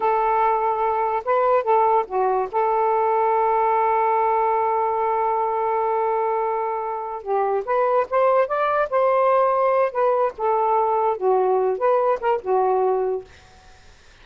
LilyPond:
\new Staff \with { instrumentName = "saxophone" } { \time 4/4 \tempo 4 = 145 a'2. b'4 | a'4 fis'4 a'2~ | a'1~ | a'1~ |
a'4. g'4 b'4 c''8~ | c''8 d''4 c''2~ c''8 | b'4 a'2 fis'4~ | fis'8 b'4 ais'8 fis'2 | }